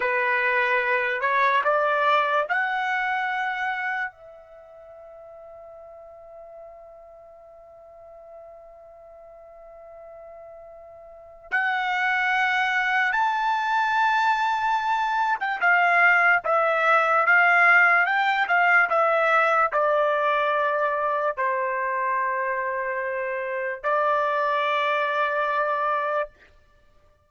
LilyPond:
\new Staff \with { instrumentName = "trumpet" } { \time 4/4 \tempo 4 = 73 b'4. cis''8 d''4 fis''4~ | fis''4 e''2.~ | e''1~ | e''2 fis''2 |
a''2~ a''8. g''16 f''4 | e''4 f''4 g''8 f''8 e''4 | d''2 c''2~ | c''4 d''2. | }